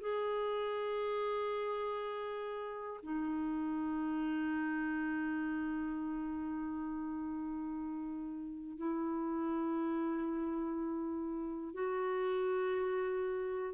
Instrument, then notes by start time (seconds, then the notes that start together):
clarinet
0.00 G#4
3.03 D#4
8.77 E4
11.74 F#4